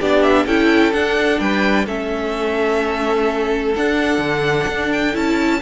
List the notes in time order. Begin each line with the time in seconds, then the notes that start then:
0.00 B3 D4 G4 D5
0.23 E5
0.46 C#4 E4 A4 G5
0.93 D4 F#5
1.40 G3 B4 G5
1.86 A3 C#4 A4 E5
3.75 D4 F#5
4.19 D3
4.69 D4
4.93 G5
5.13 C#4 E4 A5